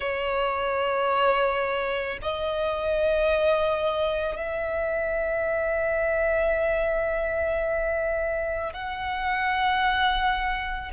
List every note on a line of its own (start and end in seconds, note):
0.00 2.18 C#5
2.22 4.36 D#5
4.36 8.73 E5
8.73 10.91 F#5